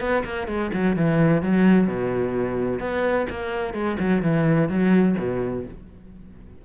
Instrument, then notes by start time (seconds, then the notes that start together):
cello
0.00 B3
0.24 A#3
0.48 G#3
0.73 F#3
0.96 E3
1.42 F#3
1.87 B2
2.80 B3
3.30 A#3
3.74 G#3
3.99 F#3
4.22 E3
4.69 F#3
5.18 B2